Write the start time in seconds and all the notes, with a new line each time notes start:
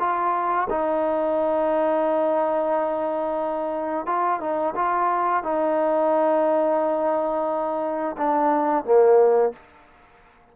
0.00 F4
0.70 D#4
4.07 F4
4.41 D#4
4.76 F4
5.44 D#4
8.18 D4
8.85 A#3